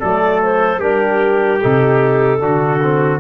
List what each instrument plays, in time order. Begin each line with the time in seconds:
0.00 tuba F#3, trombone A3, trumpet A4, clarinet D5
0.43 clarinet C5
0.80 tuba G3, trombone D4, trumpet G4, clarinet A#4
1.61 tuba C3, trombone D#4, clarinet A4
2.40 tuba D3, trombone D4, trumpet F#4
2.82 trombone C4